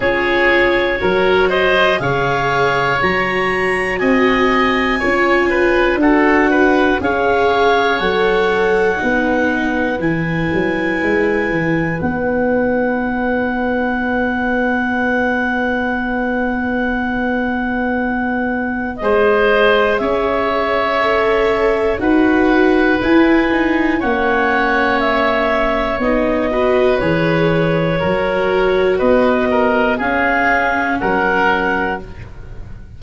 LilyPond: <<
  \new Staff \with { instrumentName = "clarinet" } { \time 4/4 \tempo 4 = 60 cis''4. dis''8 f''4 ais''4 | gis''2 fis''4 f''4 | fis''2 gis''2 | fis''1~ |
fis''2. dis''4 | e''2 fis''4 gis''4 | fis''4 e''4 dis''4 cis''4~ | cis''4 dis''4 f''4 fis''4 | }
  \new Staff \with { instrumentName = "oboe" } { \time 4/4 gis'4 ais'8 c''8 cis''2 | dis''4 cis''8 b'8 a'8 b'8 cis''4~ | cis''4 b'2.~ | b'1~ |
b'2. c''4 | cis''2 b'2 | cis''2~ cis''8 b'4. | ais'4 b'8 ais'8 gis'4 ais'4 | }
  \new Staff \with { instrumentName = "viola" } { \time 4/4 f'4 fis'4 gis'4 fis'4~ | fis'4 f'4 fis'4 gis'4 | a'4 dis'4 e'2 | dis'1~ |
dis'2. gis'4~ | gis'4 a'4 fis'4 e'8 dis'8 | cis'2 dis'8 fis'8 gis'4 | fis'2 cis'2 | }
  \new Staff \with { instrumentName = "tuba" } { \time 4/4 cis'4 fis4 cis4 fis4 | c'4 cis'4 d'4 cis'4 | fis4 b4 e8 fis8 gis8 e8 | b1~ |
b2. gis4 | cis'2 dis'4 e'4 | ais2 b4 e4 | fis4 b4 cis'4 fis4 | }
>>